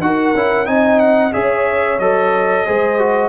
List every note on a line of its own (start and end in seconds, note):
0.00 0.33 D#4
0.00 0.35 F#4
0.00 0.66 F#5
0.06 0.70 A#4
0.35 0.67 C#4
0.35 0.66 E4
0.66 1.33 C4
0.66 1.32 D#4
0.66 1.34 D#5
0.66 0.99 G#5
0.99 1.32 F#5
1.33 1.99 C#4
1.33 1.98 G#4
1.33 2.66 C#5
1.33 1.99 E5
1.99 2.65 F#3
1.99 2.66 A4
1.99 3.29 D#5
2.66 3.29 G#3
2.66 2.99 G#4
2.66 3.29 C5
2.99 3.29 F#4